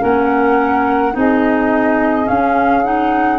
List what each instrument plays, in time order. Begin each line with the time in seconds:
0.00 tuba A#3, clarinet C#4, saxophone A#4, flute F#5
1.13 tuba C4, clarinet D#4, saxophone G#4, flute D#5
2.25 clarinet C#4, tuba C#4, flute F5
2.84 clarinet D#4, flute F#5